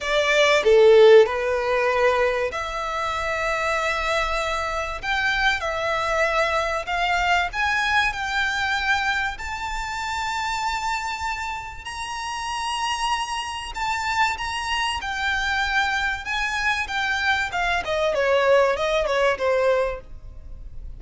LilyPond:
\new Staff \with { instrumentName = "violin" } { \time 4/4 \tempo 4 = 96 d''4 a'4 b'2 | e''1 | g''4 e''2 f''4 | gis''4 g''2 a''4~ |
a''2. ais''4~ | ais''2 a''4 ais''4 | g''2 gis''4 g''4 | f''8 dis''8 cis''4 dis''8 cis''8 c''4 | }